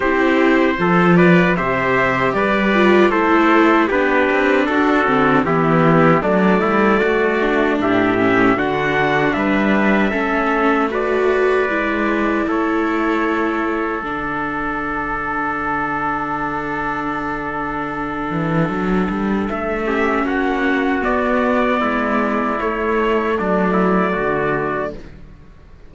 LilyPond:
<<
  \new Staff \with { instrumentName = "trumpet" } { \time 4/4 \tempo 4 = 77 c''4. d''8 e''4 d''4 | c''4 b'4 a'4 g'4 | d''2 e''4 fis''4 | e''2 d''2 |
cis''2 fis''2~ | fis''1~ | fis''4 e''4 fis''4 d''4~ | d''4 cis''4 d''2 | }
  \new Staff \with { instrumentName = "trumpet" } { \time 4/4 g'4 a'8 b'8 c''4 b'4 | a'4 g'4 fis'4 e'4 | d'8 e'8 fis'4 g'4 fis'4 | b'4 a'4 b'2 |
a'1~ | a'1~ | a'4. g'8 fis'2 | e'2 d'8 e'8 fis'4 | }
  \new Staff \with { instrumentName = "viola" } { \time 4/4 e'4 f'4 g'4. f'8 | e'4 d'4. c'8 b4 | a4. d'4 cis'8 d'4~ | d'4 cis'4 fis'4 e'4~ |
e'2 d'2~ | d'1~ | d'4. cis'4. b4~ | b4 a2. | }
  \new Staff \with { instrumentName = "cello" } { \time 4/4 c'4 f4 c4 g4 | a4 b8 c'8 d'8 d8 e4 | fis8 g8 a4 a,4 d4 | g4 a2 gis4 |
a2 d2~ | d2.~ d8 e8 | fis8 g8 a4 ais4 b4 | gis4 a4 fis4 d4 | }
>>